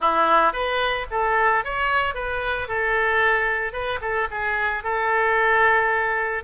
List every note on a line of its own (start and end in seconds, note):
0.00 0.52 E4
0.52 1.06 B4
1.10 1.64 A4
1.64 2.14 C#5
2.14 2.68 B4
2.68 3.72 A4
3.72 3.99 B4
4.01 4.28 A4
4.30 4.83 G#4
4.83 6.43 A4